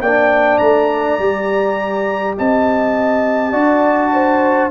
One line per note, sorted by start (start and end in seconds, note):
0.00 0.59 A#3
0.00 1.20 D4
0.00 2.37 D5
0.00 0.58 G5
0.58 1.18 A3
0.58 2.34 A#5
1.19 2.36 G3
1.19 3.52 G4
2.38 3.53 C4
2.38 3.52 D#5
2.38 4.70 A5
3.52 4.70 D4
3.52 4.70 F#4
3.52 4.11 D5
4.13 4.70 C5